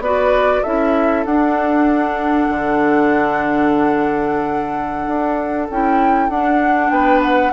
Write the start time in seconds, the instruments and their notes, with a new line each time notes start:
0.00 bassoon B3, clarinet F#4, oboe B4, flute D5
0.63 bassoon C#4, clarinet E4, oboe A4, flute E5
1.25 bassoon D4, clarinet D4, flute F#5
2.50 bassoon D3
5.07 bassoon D4
5.70 bassoon C#4, clarinet E4, flute G5
6.29 bassoon D4, clarinet D4, flute F#5
6.91 bassoon B3, oboe B4, flute G5
7.23 flute F#5